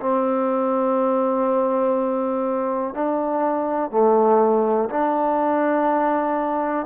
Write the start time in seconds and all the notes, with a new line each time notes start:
0.00 C4
2.94 D4
3.91 A3
4.90 D4